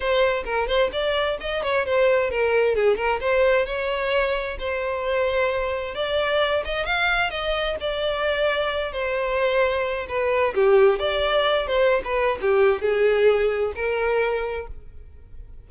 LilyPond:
\new Staff \with { instrumentName = "violin" } { \time 4/4 \tempo 4 = 131 c''4 ais'8 c''8 d''4 dis''8 cis''8 | c''4 ais'4 gis'8 ais'8 c''4 | cis''2 c''2~ | c''4 d''4. dis''8 f''4 |
dis''4 d''2~ d''8 c''8~ | c''2 b'4 g'4 | d''4. c''8. b'8. g'4 | gis'2 ais'2 | }